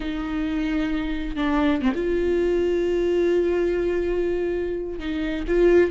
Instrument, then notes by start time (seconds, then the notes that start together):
viola
0.00 D#4
1.36 D4
1.81 C4
1.94 F4
4.99 D#4
5.47 F4